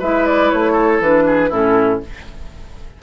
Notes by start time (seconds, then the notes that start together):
0.00 G#3 E4 B4 E5
0.26 D5
0.51 A3 C#5
0.73 A4
1.00 E3 D4 B4
1.27 G#4
1.49 A2 C#4 E4 A4